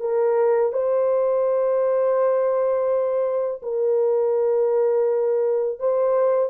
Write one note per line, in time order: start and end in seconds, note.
0.00 0.72 A#4
0.72 3.61 C5
3.63 5.79 A#4
5.79 6.50 C5